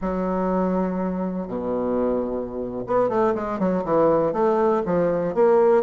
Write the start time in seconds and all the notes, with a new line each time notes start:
0.01 F#3
1.47 B2
2.86 B3
3.09 A3
3.34 G#3
3.59 F#3
3.84 E3
4.33 A3
4.85 F3
5.34 A#3